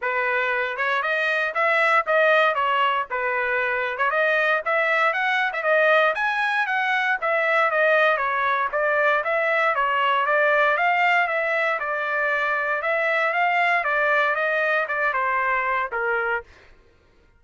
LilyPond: \new Staff \with { instrumentName = "trumpet" } { \time 4/4 \tempo 4 = 117 b'4. cis''8 dis''4 e''4 | dis''4 cis''4 b'4.~ b'16 cis''16 | dis''4 e''4 fis''8. e''16 dis''4 | gis''4 fis''4 e''4 dis''4 |
cis''4 d''4 e''4 cis''4 | d''4 f''4 e''4 d''4~ | d''4 e''4 f''4 d''4 | dis''4 d''8 c''4. ais'4 | }